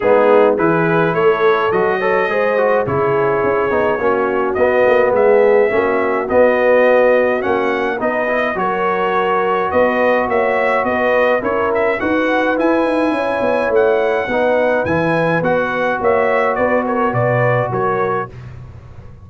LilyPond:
<<
  \new Staff \with { instrumentName = "trumpet" } { \time 4/4 \tempo 4 = 105 gis'4 b'4 cis''4 dis''4~ | dis''4 cis''2. | dis''4 e''2 dis''4~ | dis''4 fis''4 dis''4 cis''4~ |
cis''4 dis''4 e''4 dis''4 | cis''8 e''8 fis''4 gis''2 | fis''2 gis''4 fis''4 | e''4 d''8 cis''8 d''4 cis''4 | }
  \new Staff \with { instrumentName = "horn" } { \time 4/4 dis'4 gis'4 a'4. cis''8 | c''4 gis'2 fis'4~ | fis'4 gis'4 fis'2~ | fis'2 b'4 ais'4~ |
ais'4 b'4 cis''4 b'4 | ais'4 b'2 cis''4~ | cis''4 b'2. | cis''4 b'8 ais'8 b'4 ais'4 | }
  \new Staff \with { instrumentName = "trombone" } { \time 4/4 b4 e'2 fis'8 a'8 | gis'8 fis'8 e'4. dis'8 cis'4 | b2 cis'4 b4~ | b4 cis'4 dis'8 e'8 fis'4~ |
fis'1 | e'4 fis'4 e'2~ | e'4 dis'4 e'4 fis'4~ | fis'1 | }
  \new Staff \with { instrumentName = "tuba" } { \time 4/4 gis4 e4 a4 fis4 | gis4 cis4 cis'8 b8 ais4 | b8 ais8 gis4 ais4 b4~ | b4 ais4 b4 fis4~ |
fis4 b4 ais4 b4 | cis'4 dis'4 e'8 dis'8 cis'8 b8 | a4 b4 e4 b4 | ais4 b4 b,4 fis4 | }
>>